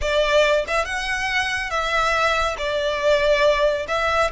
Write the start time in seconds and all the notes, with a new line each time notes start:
0.01 D5
0.67 E5
0.85 F#5
1.70 E5
2.58 D5
3.88 E5